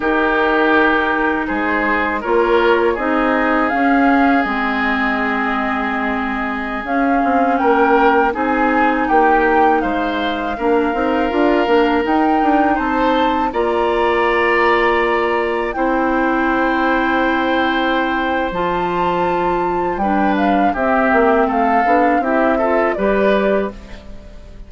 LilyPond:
<<
  \new Staff \with { instrumentName = "flute" } { \time 4/4 \tempo 4 = 81 ais'2 c''4 cis''4 | dis''4 f''4 dis''2~ | dis''4~ dis''16 f''4 g''4 gis''8.~ | gis''16 g''4 f''2~ f''8.~ |
f''16 g''4 a''4 ais''4.~ ais''16~ | ais''4~ ais''16 g''2~ g''8.~ | g''4 a''2 g''8 f''8 | e''4 f''4 e''4 d''4 | }
  \new Staff \with { instrumentName = "oboe" } { \time 4/4 g'2 gis'4 ais'4 | gis'1~ | gis'2~ gis'16 ais'4 gis'8.~ | gis'16 g'4 c''4 ais'4.~ ais'16~ |
ais'4~ ais'16 c''4 d''4.~ d''16~ | d''4~ d''16 c''2~ c''8.~ | c''2. b'4 | g'4 a'4 g'8 a'8 b'4 | }
  \new Staff \with { instrumentName = "clarinet" } { \time 4/4 dis'2. f'4 | dis'4 cis'4 c'2~ | c'4~ c'16 cis'2 dis'8.~ | dis'2~ dis'16 d'8 dis'8 f'8 d'16~ |
d'16 dis'2 f'4.~ f'16~ | f'4~ f'16 e'2~ e'8.~ | e'4 f'2 d'4 | c'4. d'8 e'8 f'8 g'4 | }
  \new Staff \with { instrumentName = "bassoon" } { \time 4/4 dis2 gis4 ais4 | c'4 cis'4 gis2~ | gis4~ gis16 cis'8 c'8 ais4 c'8.~ | c'16 ais4 gis4 ais8 c'8 d'8 ais16~ |
ais16 dis'8 d'8 c'4 ais4.~ ais16~ | ais4~ ais16 c'2~ c'8.~ | c'4 f2 g4 | c'8 ais8 a8 b8 c'4 g4 | }
>>